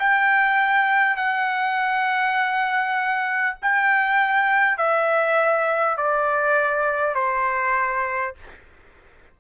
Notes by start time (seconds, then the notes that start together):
0.00 G5
1.17 F#5
3.62 G5
4.78 E5
5.98 D5
7.16 C5